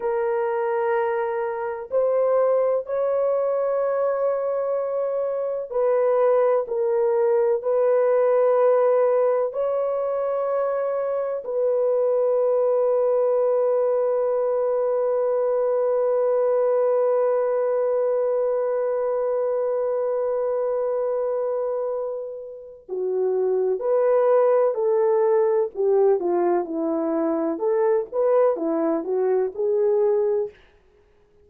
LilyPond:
\new Staff \with { instrumentName = "horn" } { \time 4/4 \tempo 4 = 63 ais'2 c''4 cis''4~ | cis''2 b'4 ais'4 | b'2 cis''2 | b'1~ |
b'1~ | b'1 | fis'4 b'4 a'4 g'8 f'8 | e'4 a'8 b'8 e'8 fis'8 gis'4 | }